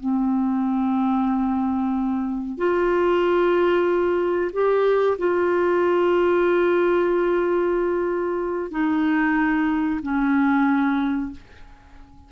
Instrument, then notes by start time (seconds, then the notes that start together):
clarinet
0.00 C4
2.58 F4
4.53 G4
5.18 F4
8.71 D#4
10.03 C#4